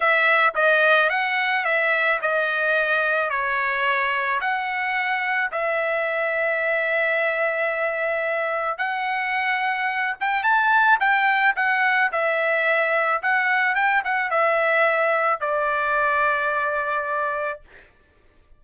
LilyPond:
\new Staff \with { instrumentName = "trumpet" } { \time 4/4 \tempo 4 = 109 e''4 dis''4 fis''4 e''4 | dis''2 cis''2 | fis''2 e''2~ | e''1 |
fis''2~ fis''8 g''8 a''4 | g''4 fis''4 e''2 | fis''4 g''8 fis''8 e''2 | d''1 | }